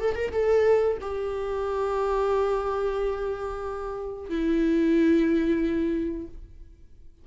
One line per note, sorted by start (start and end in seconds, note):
0.00 0.15 A4
0.15 0.31 A#4
0.32 0.98 A4
1.01 4.29 G4
4.29 6.27 E4